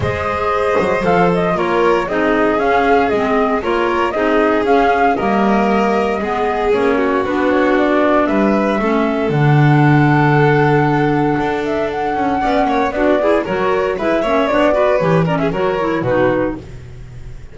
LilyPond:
<<
  \new Staff \with { instrumentName = "flute" } { \time 4/4 \tempo 4 = 116 dis''2 f''8 dis''8 cis''4 | dis''4 f''4 dis''4 cis''4 | dis''4 f''4 dis''2~ | dis''4 cis''4 b'8 cis''8 d''4 |
e''2 fis''2~ | fis''2~ fis''8 e''8 fis''4~ | fis''4 d''4 cis''4 e''4 | d''4 cis''8 d''16 e''16 cis''4 b'4 | }
  \new Staff \with { instrumentName = "violin" } { \time 4/4 c''2. ais'4 | gis'2. ais'4 | gis'2 ais'2 | gis'4. fis'2~ fis'8 |
b'4 a'2.~ | a'1 | d''8 cis''8 fis'8 gis'8 ais'4 b'8 cis''8~ | cis''8 b'4 ais'16 gis'16 ais'4 fis'4 | }
  \new Staff \with { instrumentName = "clarinet" } { \time 4/4 gis'2 a'4 f'4 | dis'4 cis'4 c'4 f'4 | dis'4 cis'4 ais2 | b4 cis'4 d'2~ |
d'4 cis'4 d'2~ | d'1 | cis'4 d'8 e'8 fis'4 e'8 cis'8 | d'8 fis'8 g'8 cis'8 fis'8 e'8 dis'4 | }
  \new Staff \with { instrumentName = "double bass" } { \time 4/4 gis4. fis8 f4 ais4 | c'4 cis'4 gis4 ais4 | c'4 cis'4 g2 | gis4 ais4 b2 |
g4 a4 d2~ | d2 d'4. cis'8 | b8 ais8 b4 fis4 gis8 ais8 | b4 e4 fis4 b,4 | }
>>